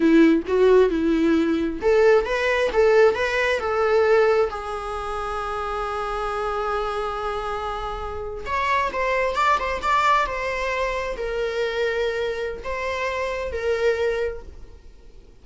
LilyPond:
\new Staff \with { instrumentName = "viola" } { \time 4/4 \tempo 4 = 133 e'4 fis'4 e'2 | a'4 b'4 a'4 b'4 | a'2 gis'2~ | gis'1~ |
gis'2~ gis'8. cis''4 c''16~ | c''8. d''8 c''8 d''4 c''4~ c''16~ | c''8. ais'2.~ ais'16 | c''2 ais'2 | }